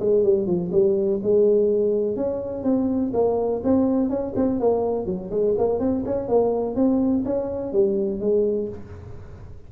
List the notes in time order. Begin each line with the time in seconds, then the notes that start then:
0.00 G#3
0.24 G3
0.47 F3
0.72 G3
1.23 G#3
2.16 C#4
2.64 C4
3.14 A#3
3.64 C4
4.10 C#4
4.36 C4
4.60 A#3
5.06 F#3
5.31 G#3
5.58 A#3
5.80 C4
6.06 C#4
6.28 A#3
6.76 C4
7.25 C#4
7.73 G3
8.21 G#3